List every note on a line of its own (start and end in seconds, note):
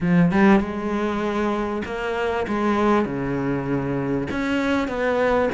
0.01 0.31 F3
0.31 0.60 G3
0.60 1.82 G#3
1.85 2.46 A#3
2.47 3.05 G#3
3.05 4.27 C#3
4.30 4.88 C#4
4.88 5.49 B3